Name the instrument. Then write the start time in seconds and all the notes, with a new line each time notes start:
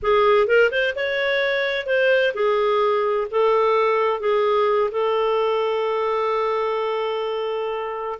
clarinet
0.02 G#4
0.47 A#4
0.71 C5
0.95 C#5
1.86 C5
2.34 G#4
3.30 A4
4.20 G#4
4.91 A4